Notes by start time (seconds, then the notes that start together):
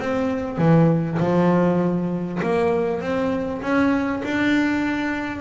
0.00 C4
0.58 E3
1.20 F3
2.43 A#3
3.01 C4
3.62 C#4
4.25 D4